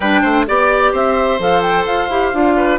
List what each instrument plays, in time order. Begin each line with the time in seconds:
0.00 bassoon G3, clarinet D4, oboe B4, flute G5
0.22 bassoon A3, oboe C5
0.46 bassoon B3, clarinet G4, flute D5, oboe D5
0.92 bassoon C4, oboe C5, flute E5
1.39 bassoon F3, clarinet A4, flute F5
1.62 flute G5
1.85 bassoon F4, flute F5
2.09 bassoon E4, clarinet G4
2.33 bassoon D4, clarinet F4
2.56 oboe B4